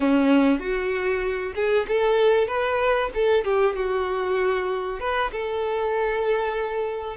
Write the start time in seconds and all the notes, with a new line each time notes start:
0.00 C#4
0.59 F#4
1.55 G#4
1.88 A4
2.47 B4
3.14 A4
3.44 G4
3.75 F#4
4.99 B4
5.32 A4